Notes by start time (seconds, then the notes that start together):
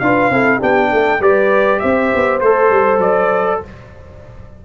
0.00 D4 F4 B4 F5
0.30 C4 E4 A4
0.58 B3 D4 G4 G5
0.92 A3 A4
1.20 G3 G4 B4 D5
1.80 C4 C5 E5
2.15 B3
2.40 A3 A4 C5
2.70 G3
2.98 F#3 D5